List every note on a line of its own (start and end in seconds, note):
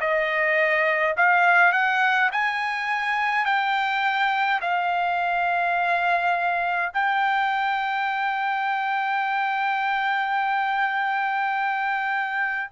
0.00 1.15 D#5
1.16 1.72 F5
1.72 2.30 F#5
2.32 3.45 G#5
3.45 4.60 G5
4.61 6.92 F5
6.93 12.70 G5